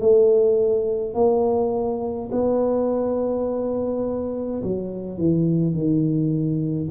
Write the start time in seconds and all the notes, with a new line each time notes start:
0.00 A3
1.14 A#3
2.32 B3
4.63 F#3
5.18 E3
5.74 D#3